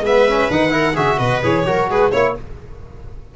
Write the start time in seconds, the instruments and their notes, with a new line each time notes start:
0.00 tuba G#3, trombone B3, viola B4, violin E5
0.28 trombone C#4
0.50 tuba D#3, trombone D#4, violin F#5
0.70 trombone E4, viola A#4
0.94 tuba C#3, trombone F#4, viola G#4, violin E5
1.18 tuba B2, viola B4, violin D#5
1.43 tuba E3, trombone G#4, violin C#5
1.65 tuba F#3, trombone F#4, viola A#4
1.89 tuba G#3, viola G#4, violin B4
2.11 tuba A#3, trombone E4, violin C#5, viola C#5